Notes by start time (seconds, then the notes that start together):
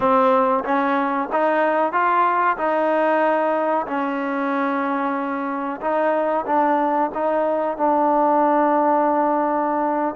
0.00 C4
0.64 C#4
1.32 D#4
1.92 F4
2.57 D#4
3.86 C#4
5.80 D#4
6.46 D4
7.14 D#4
7.77 D4